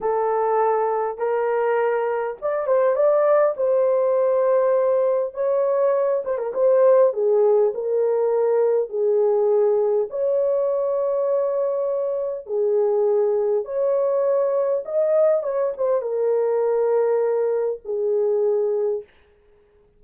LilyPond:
\new Staff \with { instrumentName = "horn" } { \time 4/4 \tempo 4 = 101 a'2 ais'2 | d''8 c''8 d''4 c''2~ | c''4 cis''4. c''16 ais'16 c''4 | gis'4 ais'2 gis'4~ |
gis'4 cis''2.~ | cis''4 gis'2 cis''4~ | cis''4 dis''4 cis''8 c''8 ais'4~ | ais'2 gis'2 | }